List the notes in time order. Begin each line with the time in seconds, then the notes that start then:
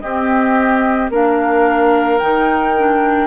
0.00 C4 G4 D#5
1.10 A#3 D4 A#4 F5
2.19 D#3 D#4 G5
2.78 D4